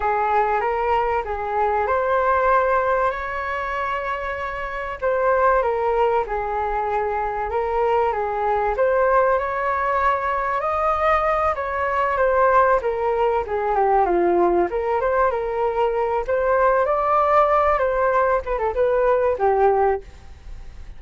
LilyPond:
\new Staff \with { instrumentName = "flute" } { \time 4/4 \tempo 4 = 96 gis'4 ais'4 gis'4 c''4~ | c''4 cis''2. | c''4 ais'4 gis'2 | ais'4 gis'4 c''4 cis''4~ |
cis''4 dis''4. cis''4 c''8~ | c''8 ais'4 gis'8 g'8 f'4 ais'8 | c''8 ais'4. c''4 d''4~ | d''8 c''4 b'16 a'16 b'4 g'4 | }